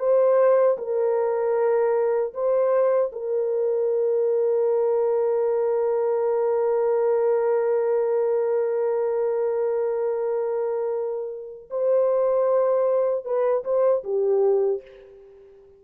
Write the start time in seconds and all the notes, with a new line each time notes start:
0.00 C5
0.78 A#4
2.34 C5
3.12 A#4
11.71 C5
13.25 B4
13.65 C5
14.04 G4